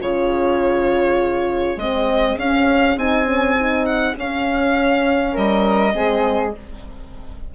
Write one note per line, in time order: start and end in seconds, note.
0.00 1.76 C#3
0.00 1.79 F4
0.00 5.33 G#4
0.00 1.78 C#5
1.76 2.35 G#3
1.76 2.39 C4
1.76 2.38 D#5
2.37 2.96 C#4
2.37 2.97 C#4
2.37 2.98 F5
2.96 4.14 C4
2.96 3.25 D#4
2.96 3.85 G#5
3.25 3.55 C#4
3.55 4.15 D#4
3.85 4.15 F#5
4.15 5.92 C#4
4.15 5.36 C#4
4.15 5.36 F5
5.33 5.94 G3
5.33 5.92 A#4
5.33 6.55 D#5
5.92 6.53 G#3
5.92 6.51 C4
5.92 6.54 G#4